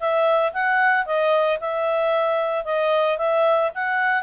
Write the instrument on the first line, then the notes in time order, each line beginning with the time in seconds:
clarinet
0.00 E5
0.53 F#5
1.06 D#5
1.60 E5
2.65 D#5
3.18 E5
3.75 F#5